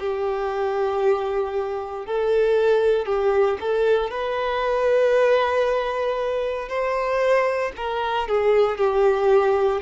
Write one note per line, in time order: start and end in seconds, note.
0.00 2.06 G4
2.06 3.07 A4
3.07 3.58 G4
3.61 4.11 A4
4.11 6.69 B4
6.69 7.73 C5
7.77 8.29 A#4
8.29 8.78 G#4
8.78 9.81 G4